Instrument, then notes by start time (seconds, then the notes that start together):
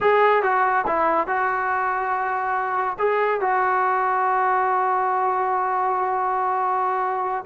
trombone
0.00 G#4
0.42 F#4
0.86 E4
1.27 F#4
2.98 G#4
3.40 F#4